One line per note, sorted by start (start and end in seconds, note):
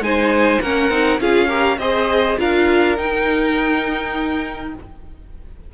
0.00 0.59 G#3
0.00 0.62 D#4
0.00 0.62 C5
0.00 0.61 G#5
0.61 0.89 A#3
0.61 0.91 C#4
0.61 1.21 A#4
0.61 1.20 F#5
0.89 1.19 C4
0.89 1.20 D#4
1.20 1.78 C#4
1.20 1.49 F4
1.20 1.48 G#4
1.20 1.78 F5
1.48 1.78 G4
1.48 1.78 A#4
1.78 2.37 C4
1.78 2.38 G#4
1.78 2.39 C5
1.78 2.37 D#5
2.38 2.98 D4
2.38 2.97 F4
2.38 4.74 A#4
2.38 2.97 F5
2.97 4.73 D#4
2.97 4.74 D#4
2.97 4.74 G5